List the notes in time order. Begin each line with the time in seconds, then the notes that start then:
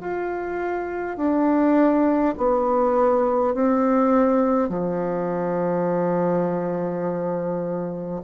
0.00 F4
1.17 D4
2.37 B3
3.54 C4
4.69 F3